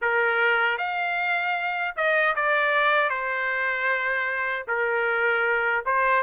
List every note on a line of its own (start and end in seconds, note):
0.01 0.78 A#4
0.78 1.94 F5
1.96 2.35 D#5
2.35 3.09 D5
3.09 4.65 C5
4.68 5.84 A#4
5.85 6.23 C5